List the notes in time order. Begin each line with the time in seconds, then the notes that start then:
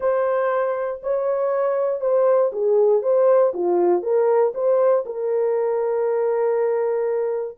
0.00 C5
1.02 C#5
2.00 C5
2.52 G#4
3.02 C5
3.53 F4
4.02 A#4
4.54 C5
5.05 A#4